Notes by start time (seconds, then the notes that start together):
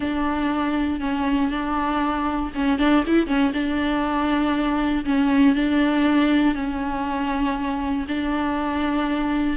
0.00 D4
1.00 C#4
1.50 D4
2.54 C#4
2.78 D4
3.06 E4
3.27 C#4
3.53 D4
5.05 C#4
5.55 D4
6.54 C#4
8.07 D4